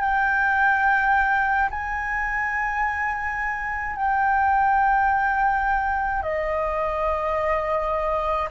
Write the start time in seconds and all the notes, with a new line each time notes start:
0.00 G5
1.71 G#5
3.96 G5
6.23 D#5